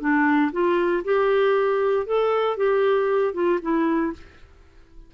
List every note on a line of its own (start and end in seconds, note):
0.00 0.51 D4
0.52 1.03 F4
1.04 2.06 G4
2.06 2.57 A4
2.57 3.34 G4
3.34 3.59 F4
3.62 4.13 E4